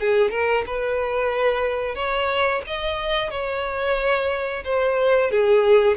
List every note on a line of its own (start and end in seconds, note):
0.00 0.31 G#4
0.31 0.64 A#4
0.66 1.95 B4
1.95 2.62 C#5
2.67 3.30 D#5
3.30 4.64 C#5
4.64 5.31 C5
5.31 5.97 G#4